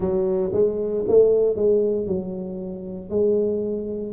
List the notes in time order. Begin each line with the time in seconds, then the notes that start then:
0.00 F#3
0.53 G#3
1.08 A3
1.56 G#3
2.06 F#3
3.09 G#3